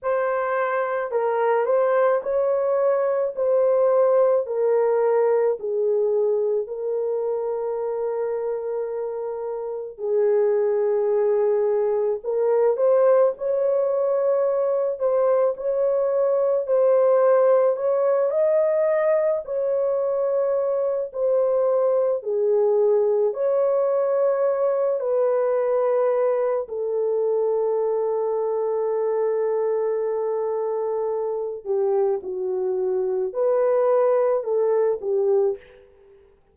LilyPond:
\new Staff \with { instrumentName = "horn" } { \time 4/4 \tempo 4 = 54 c''4 ais'8 c''8 cis''4 c''4 | ais'4 gis'4 ais'2~ | ais'4 gis'2 ais'8 c''8 | cis''4. c''8 cis''4 c''4 |
cis''8 dis''4 cis''4. c''4 | gis'4 cis''4. b'4. | a'1~ | a'8 g'8 fis'4 b'4 a'8 g'8 | }